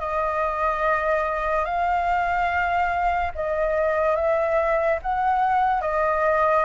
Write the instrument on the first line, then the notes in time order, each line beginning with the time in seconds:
flute
0.00 D#5
1.65 F5
3.35 D#5
4.16 E5
5.02 F#5
5.81 D#5